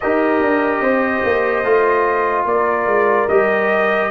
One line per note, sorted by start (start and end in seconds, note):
0.00 0.41 D#4
0.00 1.64 G4
0.00 0.82 A#4
0.00 2.45 D#5
0.41 0.80 D4
0.80 1.22 C4
0.80 2.47 C5
1.24 1.64 A#3
1.64 2.45 A3
1.64 3.28 F4
2.45 2.86 A#3
2.45 4.10 A#4
2.45 3.28 D5
2.86 3.27 G#3
3.28 4.10 G3
3.28 4.10 G4
3.28 4.10 D#5